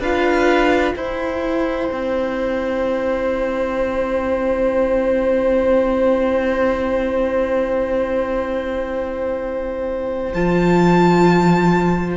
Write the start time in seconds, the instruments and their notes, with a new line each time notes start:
0.00 cello D4, viola F4, violin B4 F5
0.96 cello E4, viola E4, violin C5 G5
1.92 cello C4
10.34 cello F3, viola F4, violin A5